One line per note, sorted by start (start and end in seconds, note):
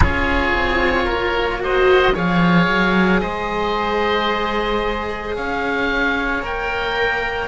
0.00 0.52 C#4
0.00 1.59 F4
0.00 1.04 G#4
0.00 1.62 C#5
0.54 1.07 C4
1.04 2.14 A#3
1.04 1.58 A#4
1.59 2.12 F#4
1.59 2.14 C5
1.59 2.17 D#5
2.14 2.67 F3
2.14 6.42 G#4
2.14 3.21 C#5
2.14 3.21 F5
2.67 3.21 F#3
3.21 5.37 G#3
3.21 5.36 C5
3.21 5.35 D#5
5.35 6.42 C#4
5.35 7.48 C#5
5.35 6.43 F5
6.42 7.48 A#3
6.42 7.48 A#4
6.42 7.48 G5